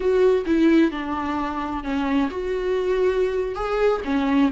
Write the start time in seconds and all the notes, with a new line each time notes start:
0.00 F#4
0.46 E4
0.91 D4
1.83 C#4
2.30 F#4
3.55 G#4
4.04 C#4